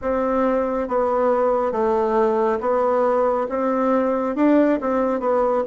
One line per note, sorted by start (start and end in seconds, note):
0.01 0.87 C4
0.87 1.72 B3
1.72 2.59 A3
2.60 3.47 B3
3.49 4.35 C4
4.35 4.79 D4
4.81 5.20 C4
5.20 5.63 B3